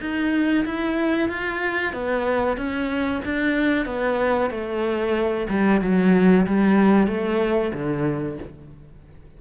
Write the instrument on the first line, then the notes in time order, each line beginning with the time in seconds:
cello
0.00 D#4
0.65 E4
1.29 F4
1.93 B3
2.57 C#4
3.25 D4
3.86 B3
4.50 A3
5.49 G3
5.81 F#3
6.46 G3
7.07 A3
7.73 D3